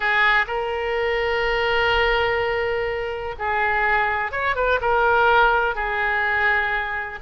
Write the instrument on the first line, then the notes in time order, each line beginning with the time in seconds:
oboe
0.00 G#4
0.47 A#4
3.38 G#4
4.31 C#5
4.55 B4
4.81 A#4
5.75 G#4